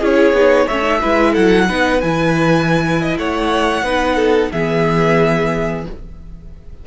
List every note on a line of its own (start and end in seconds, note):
0.00 0.32 C#4
0.00 0.35 E4
0.00 0.66 G#4
0.00 0.68 C#5
0.32 0.66 B3
0.32 0.68 D#4
0.66 1.03 A3
0.66 0.82 C#4
0.66 0.99 C#5
0.66 1.34 E5
0.82 0.99 D#4
1.01 1.37 G#3
1.01 1.68 E4
1.01 1.32 B4
1.32 1.69 F#3
1.32 1.66 A4
1.32 2.01 F#5
1.68 2.03 B3
1.68 2.02 D#4
1.68 3.01 B4
2.01 3.17 E3
2.01 3.85 E4
2.01 3.17 G#5
3.01 3.18 D#5
3.17 3.82 A3
3.17 3.84 C#5
3.17 4.52 F#5
3.82 4.49 B3
3.82 4.52 D#4
3.82 4.16 B4
4.16 4.49 A4
4.52 5.86 E3
4.52 5.86 B3
4.52 5.86 G#4
4.52 5.85 E5